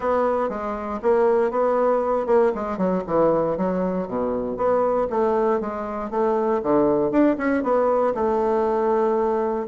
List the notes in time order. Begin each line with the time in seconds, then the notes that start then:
0.00 B3
0.49 G#3
1.02 A#3
1.50 B3
2.26 A#3
2.54 G#3
2.77 F#3
3.06 E3
3.57 F#3
4.07 B2
4.56 B3
5.09 A3
5.60 G#3
6.10 A3
6.62 D3
7.11 D4
7.37 C#4
7.63 B3
8.14 A3